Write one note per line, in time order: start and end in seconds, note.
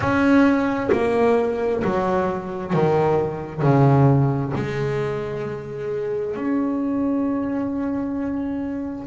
0.00 0.89 C#4
0.91 1.82 A#3
1.84 2.73 F#3
2.73 3.62 D#3
3.62 4.52 C#3
4.55 6.36 G#3
6.36 9.06 C#4